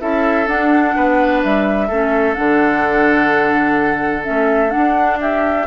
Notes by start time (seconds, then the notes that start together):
0.00 C#4 E4 A4 E5
0.47 D4 F#5
0.96 B3 B4
1.43 G3 E5
1.88 A3 C#4 A4
2.35 D3 D4 F#5
4.23 A3 C#4 E5
4.70 D4 F#5
4.76 D4
5.21 G4 E5